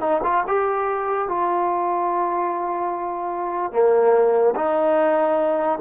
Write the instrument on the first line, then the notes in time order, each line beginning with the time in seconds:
trombone
0.00 D#4
0.23 F4
0.47 G4
1.28 F4
3.72 A#3
4.55 D#4